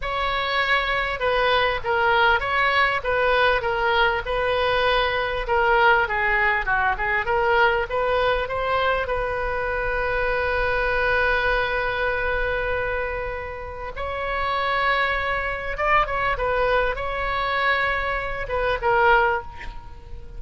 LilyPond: \new Staff \with { instrumentName = "oboe" } { \time 4/4 \tempo 4 = 99 cis''2 b'4 ais'4 | cis''4 b'4 ais'4 b'4~ | b'4 ais'4 gis'4 fis'8 gis'8 | ais'4 b'4 c''4 b'4~ |
b'1~ | b'2. cis''4~ | cis''2 d''8 cis''8 b'4 | cis''2~ cis''8 b'8 ais'4 | }